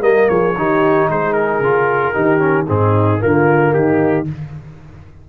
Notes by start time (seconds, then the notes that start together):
0.00 G3 A#3 A#4 D#5
0.28 F3 G#4 C#5
0.56 D#3 D#4 G4
1.09 G#3 G#4 C5
1.33 A#4
1.59 C#3 F4
2.13 D#3 D#4 G4
2.39 C#4
2.67 G#2 C4 D#4 G#4
3.19 D3 A#3 F4 A#4
3.73 D#3 D#4 G4